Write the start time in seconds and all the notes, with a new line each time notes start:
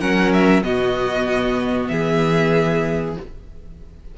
0.00 F#3 C#4 A#4 F#5
0.33 E5
0.62 B2 B3 F#4 D#5
1.88 E3 G#4 E5